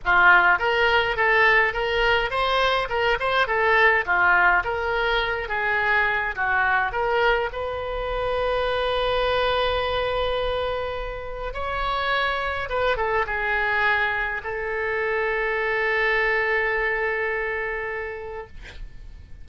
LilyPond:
\new Staff \with { instrumentName = "oboe" } { \time 4/4 \tempo 4 = 104 f'4 ais'4 a'4 ais'4 | c''4 ais'8 c''8 a'4 f'4 | ais'4. gis'4. fis'4 | ais'4 b'2.~ |
b'1 | cis''2 b'8 a'8 gis'4~ | gis'4 a'2.~ | a'1 | }